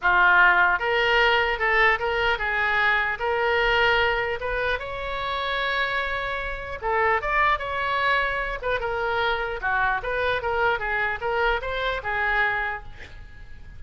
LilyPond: \new Staff \with { instrumentName = "oboe" } { \time 4/4 \tempo 4 = 150 f'2 ais'2 | a'4 ais'4 gis'2 | ais'2. b'4 | cis''1~ |
cis''4 a'4 d''4 cis''4~ | cis''4. b'8 ais'2 | fis'4 b'4 ais'4 gis'4 | ais'4 c''4 gis'2 | }